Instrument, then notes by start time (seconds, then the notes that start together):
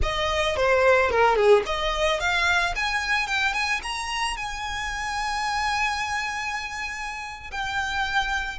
violin
0.02 D#5
0.56 C5
1.10 A#4
1.35 G#4
1.66 D#5
2.19 F5
2.75 G#5
3.27 G5
3.53 G#5
3.82 A#5
4.37 G#5
7.51 G5